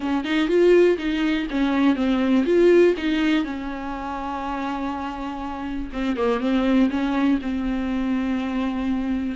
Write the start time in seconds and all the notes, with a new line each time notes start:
0.00 C#4
0.24 D#4
0.48 F4
0.97 D#4
1.50 C#4
1.95 C4
2.45 F4
2.97 D#4
3.44 C#4
5.93 C4
6.16 A#3
6.40 C4
6.90 C#4
7.41 C4